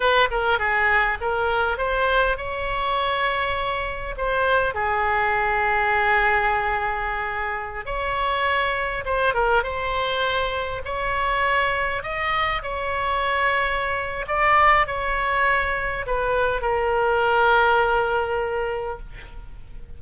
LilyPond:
\new Staff \with { instrumentName = "oboe" } { \time 4/4 \tempo 4 = 101 b'8 ais'8 gis'4 ais'4 c''4 | cis''2. c''4 | gis'1~ | gis'4~ gis'16 cis''2 c''8 ais'16~ |
ais'16 c''2 cis''4.~ cis''16~ | cis''16 dis''4 cis''2~ cis''8. | d''4 cis''2 b'4 | ais'1 | }